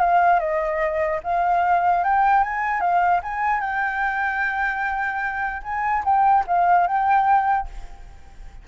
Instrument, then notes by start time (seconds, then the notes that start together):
flute
0.00 F5
0.40 D#5
1.24 F5
2.04 G5
2.44 G#5
2.81 F5
3.23 G#5
3.61 G5
5.63 G#5
6.05 G5
6.47 F5
6.87 G5